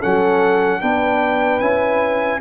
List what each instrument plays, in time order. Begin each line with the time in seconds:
0.00 tuba F#3, trombone C#4, horn A4, trumpet F#5
0.81 tuba B3, trombone D4, horn B4, trumpet G5
1.60 tuba C#4, trombone E4, trumpet G#5